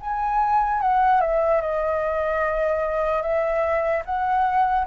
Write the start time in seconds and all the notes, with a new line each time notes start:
0.00 G#5
0.81 F#5
1.20 E5
1.61 D#5
3.21 E5
4.05 F#5